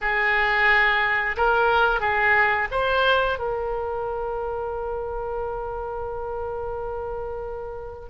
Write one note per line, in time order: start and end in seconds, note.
0.01 1.36 G#4
1.36 2.00 A#4
2.00 2.68 G#4
2.71 3.38 C5
3.38 8.09 A#4